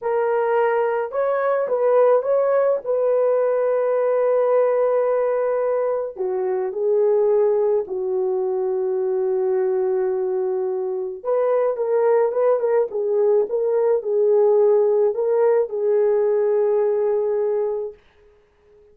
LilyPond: \new Staff \with { instrumentName = "horn" } { \time 4/4 \tempo 4 = 107 ais'2 cis''4 b'4 | cis''4 b'2.~ | b'2. fis'4 | gis'2 fis'2~ |
fis'1 | b'4 ais'4 b'8 ais'8 gis'4 | ais'4 gis'2 ais'4 | gis'1 | }